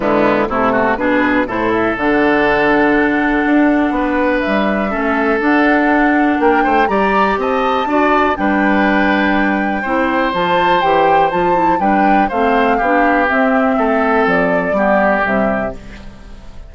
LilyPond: <<
  \new Staff \with { instrumentName = "flute" } { \time 4/4 \tempo 4 = 122 e'4 a'4 b'4 c''8 e''8 | fis''1~ | fis''4 e''2 fis''4~ | fis''4 g''4 ais''4 a''4~ |
a''4 g''2.~ | g''4 a''4 g''4 a''4 | g''4 f''2 e''4~ | e''4 d''2 e''4 | }
  \new Staff \with { instrumentName = "oboe" } { \time 4/4 b4 e'8 fis'8 gis'4 a'4~ | a'1 | b'2 a'2~ | a'4 ais'8 c''8 d''4 dis''4 |
d''4 b'2. | c''1 | b'4 c''4 g'2 | a'2 g'2 | }
  \new Staff \with { instrumentName = "clarinet" } { \time 4/4 gis4 a4 d'4 e'4 | d'1~ | d'2 cis'4 d'4~ | d'2 g'2 |
fis'4 d'2. | e'4 f'4 g'4 f'8 e'8 | d'4 c'4 d'4 c'4~ | c'2 b4 g4 | }
  \new Staff \with { instrumentName = "bassoon" } { \time 4/4 d4 c4 b,4 a,4 | d2. d'4 | b4 g4 a4 d'4~ | d'4 ais8 a8 g4 c'4 |
d'4 g2. | c'4 f4 e4 f4 | g4 a4 b4 c'4 | a4 f4 g4 c4 | }
>>